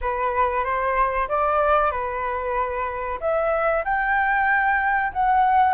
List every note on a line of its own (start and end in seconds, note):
0.01 0.64 B4
0.64 1.28 C5
1.28 1.91 D5
1.91 3.19 B4
3.20 3.84 E5
3.84 5.12 G5
5.12 5.74 F#5